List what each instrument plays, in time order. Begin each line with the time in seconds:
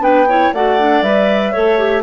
0.00 bassoon B3, clarinet D4 B4, flute G5
0.29 clarinet E4 C#5
0.53 bassoon A3, clarinet F#4 D5, flute F#5
0.80 clarinet D4
1.02 bassoon G3, clarinet B4, flute E5
1.53 bassoon A3, clarinet A4 C#5
1.79 clarinet G4